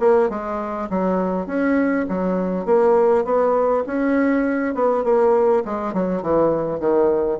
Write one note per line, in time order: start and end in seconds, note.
0.00 0.29 A#3
0.29 0.89 G#3
0.90 1.47 F#3
1.47 2.06 C#4
2.09 2.65 F#3
2.65 3.25 A#3
3.25 3.84 B3
3.87 4.75 C#4
4.75 5.04 B3
5.04 5.63 A#3
5.65 5.94 G#3
5.94 6.22 F#3
6.22 6.80 E3
6.80 7.39 D#3